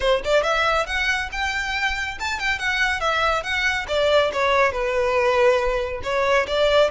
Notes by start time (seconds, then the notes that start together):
0.00 C5
0.24 D5
0.43 E5
0.86 F#5
1.31 G5
2.19 A5
2.39 G5
2.58 F#5
3.00 E5
3.43 F#5
3.88 D5
4.32 C#5
4.71 B4
6.03 C#5
6.47 D5